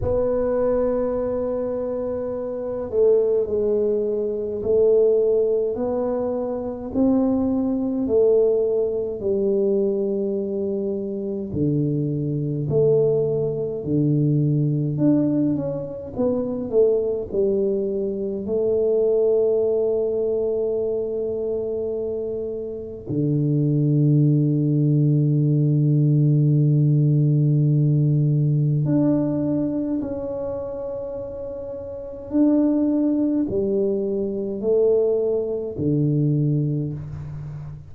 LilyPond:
\new Staff \with { instrumentName = "tuba" } { \time 4/4 \tempo 4 = 52 b2~ b8 a8 gis4 | a4 b4 c'4 a4 | g2 d4 a4 | d4 d'8 cis'8 b8 a8 g4 |
a1 | d1~ | d4 d'4 cis'2 | d'4 g4 a4 d4 | }